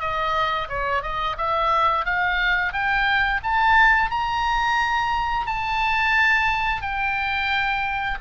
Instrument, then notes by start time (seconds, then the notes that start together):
oboe
0.00 D#5
0.69 C#5
1.03 D#5
1.38 E5
2.05 F5
2.73 G5
3.43 A5
4.11 A#5
5.46 A5
6.82 G5